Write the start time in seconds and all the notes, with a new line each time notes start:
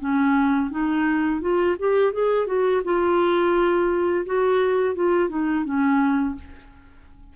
0.00 C#4
0.71 D#4
1.41 F4
1.79 G4
2.13 G#4
2.47 F#4
2.84 F4
4.26 F#4
4.95 F4
5.29 D#4
5.65 C#4